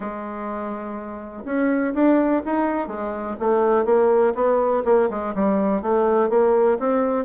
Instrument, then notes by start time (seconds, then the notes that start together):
bassoon
0.00 G#3
1.45 C#4
1.94 D4
2.45 D#4
2.87 G#3
3.39 A3
3.85 A#3
4.34 B3
4.85 A#3
5.09 G#3
5.34 G3
5.82 A3
6.29 A#3
6.79 C4